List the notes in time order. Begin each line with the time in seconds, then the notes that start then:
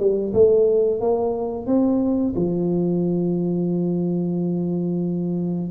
0.00 G3
0.34 A3
1.01 A#3
1.67 C4
2.36 F3